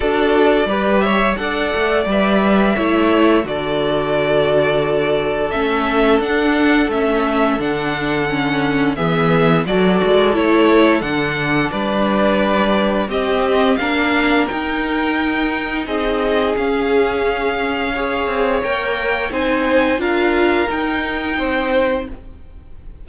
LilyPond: <<
  \new Staff \with { instrumentName = "violin" } { \time 4/4 \tempo 4 = 87 d''4. e''8 fis''4 e''4~ | e''4 d''2. | e''4 fis''4 e''4 fis''4~ | fis''4 e''4 d''4 cis''4 |
fis''4 d''2 dis''4 | f''4 g''2 dis''4 | f''2. g''4 | gis''4 f''4 g''2 | }
  \new Staff \with { instrumentName = "violin" } { \time 4/4 a'4 b'8 cis''8 d''2 | cis''4 a'2.~ | a'1~ | a'4 gis'4 a'2~ |
a'4 b'2 g'4 | ais'2. gis'4~ | gis'2 cis''2 | c''4 ais'2 c''4 | }
  \new Staff \with { instrumentName = "viola" } { \time 4/4 fis'4 g'4 a'4 b'4 | e'4 fis'2. | cis'4 d'4 cis'4 d'4 | cis'4 b4 fis'4 e'4 |
d'2. c'4 | d'4 dis'2. | cis'2 gis'4 ais'4 | dis'4 f'4 dis'2 | }
  \new Staff \with { instrumentName = "cello" } { \time 4/4 d'4 g4 d'8 a8 g4 | a4 d2. | a4 d'4 a4 d4~ | d4 e4 fis8 gis8 a4 |
d4 g2 c'4 | ais4 dis'2 c'4 | cis'2~ cis'8 c'8 ais4 | c'4 d'4 dis'4 c'4 | }
>>